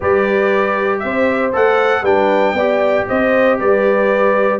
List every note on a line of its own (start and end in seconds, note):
0.00 1.03 G3
0.00 1.52 G4
0.00 1.01 B4
0.00 0.99 D5
0.99 1.54 C4
0.99 2.02 C5
0.99 1.50 E5
1.52 2.02 A3
1.52 2.04 A4
1.52 2.05 F#5
2.02 2.53 G3
2.02 2.56 D4
2.02 2.54 B4
2.02 3.07 G5
2.53 3.05 B3
2.53 4.59 G4
2.53 3.07 D5
3.08 3.61 C4
3.08 3.59 C5
3.08 3.59 D#5
3.59 4.59 G3
3.59 4.59 B4
3.59 4.59 D5